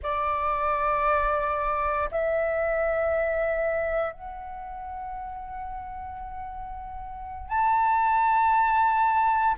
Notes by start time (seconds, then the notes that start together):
0.02 D5
2.11 E5
4.12 F#5
7.49 A5